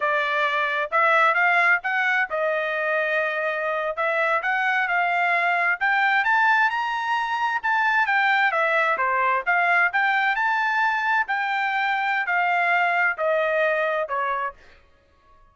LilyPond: \new Staff \with { instrumentName = "trumpet" } { \time 4/4 \tempo 4 = 132 d''2 e''4 f''4 | fis''4 dis''2.~ | dis''8. e''4 fis''4 f''4~ f''16~ | f''8. g''4 a''4 ais''4~ ais''16~ |
ais''8. a''4 g''4 e''4 c''16~ | c''8. f''4 g''4 a''4~ a''16~ | a''8. g''2~ g''16 f''4~ | f''4 dis''2 cis''4 | }